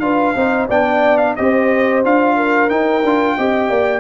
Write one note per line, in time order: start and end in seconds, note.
0.00 0.34 D4
0.00 0.35 F4
0.00 0.36 B4
0.00 0.67 F5
0.36 0.69 C4
0.36 0.69 D#4
0.36 0.69 C5
0.69 1.36 B3
0.69 1.38 D4
0.69 1.35 D5
0.69 1.18 G5
1.18 1.35 F5
1.36 2.05 C4
1.36 2.04 G4
1.36 2.36 C5
1.36 2.03 D#5
2.04 2.71 D4
2.04 2.69 F4
2.04 2.70 F5
2.36 3.36 A#4
2.69 3.03 D#4
2.69 4.01 G5
3.03 3.37 D4
3.03 3.38 F4
3.37 3.70 C4
3.37 4.01 G4
3.37 3.69 D#5
3.69 4.01 A#3
3.69 4.01 D5